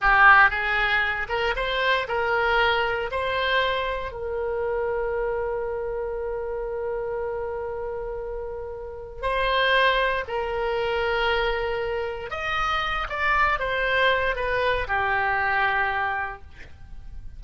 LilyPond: \new Staff \with { instrumentName = "oboe" } { \time 4/4 \tempo 4 = 117 g'4 gis'4. ais'8 c''4 | ais'2 c''2 | ais'1~ | ais'1~ |
ais'2 c''2 | ais'1 | dis''4. d''4 c''4. | b'4 g'2. | }